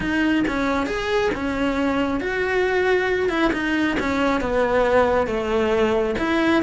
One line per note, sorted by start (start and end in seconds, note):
0.00 0.44 D#4
0.47 0.86 C#4
0.86 1.30 G#4
1.34 2.20 C#4
2.20 3.29 F#4
3.29 3.51 E4
3.53 3.97 D#4
3.99 4.40 C#4
4.40 5.27 B3
5.27 6.15 A3
6.18 6.62 E4